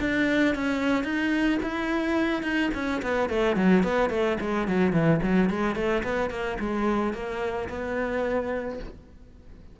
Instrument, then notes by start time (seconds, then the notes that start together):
cello
0.00 D4
0.55 C#4
1.04 D#4
1.62 E4
2.42 D#4
2.74 C#4
3.02 B3
3.30 A3
3.56 F#3
3.83 B3
4.10 A3
4.40 G#3
4.67 F#3
4.92 E3
5.22 F#3
5.50 G#3
5.75 A3
6.04 B3
6.30 A#3
6.60 G#3
7.13 A#3
7.69 B3